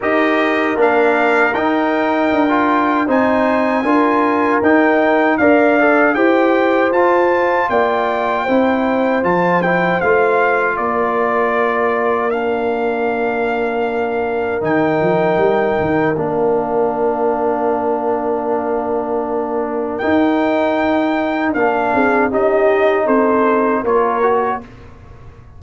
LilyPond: <<
  \new Staff \with { instrumentName = "trumpet" } { \time 4/4 \tempo 4 = 78 dis''4 f''4 g''2 | gis''2 g''4 f''4 | g''4 a''4 g''2 | a''8 g''8 f''4 d''2 |
f''2. g''4~ | g''4 f''2.~ | f''2 g''2 | f''4 dis''4 c''4 cis''4 | }
  \new Staff \with { instrumentName = "horn" } { \time 4/4 ais'1 | c''4 ais'2 d''4 | c''2 d''4 c''4~ | c''2 ais'2~ |
ais'1~ | ais'1~ | ais'1~ | ais'8 gis'8 g'4 a'4 ais'4 | }
  \new Staff \with { instrumentName = "trombone" } { \time 4/4 g'4 d'4 dis'4~ dis'16 f'8. | dis'4 f'4 dis'4 ais'8 a'8 | g'4 f'2 e'4 | f'8 e'8 f'2. |
d'2. dis'4~ | dis'4 d'2.~ | d'2 dis'2 | d'4 dis'2 f'8 fis'8 | }
  \new Staff \with { instrumentName = "tuba" } { \time 4/4 dis'4 ais4 dis'4 d'4 | c'4 d'4 dis'4 d'4 | e'4 f'4 ais4 c'4 | f4 a4 ais2~ |
ais2. dis8 f8 | g8 dis8 ais2.~ | ais2 dis'2 | ais8 c'8 cis'4 c'4 ais4 | }
>>